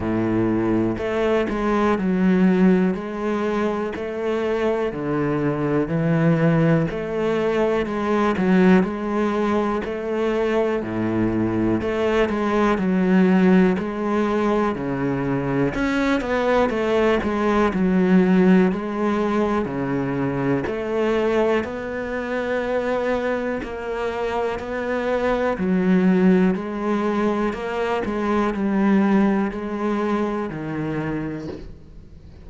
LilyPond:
\new Staff \with { instrumentName = "cello" } { \time 4/4 \tempo 4 = 61 a,4 a8 gis8 fis4 gis4 | a4 d4 e4 a4 | gis8 fis8 gis4 a4 a,4 | a8 gis8 fis4 gis4 cis4 |
cis'8 b8 a8 gis8 fis4 gis4 | cis4 a4 b2 | ais4 b4 fis4 gis4 | ais8 gis8 g4 gis4 dis4 | }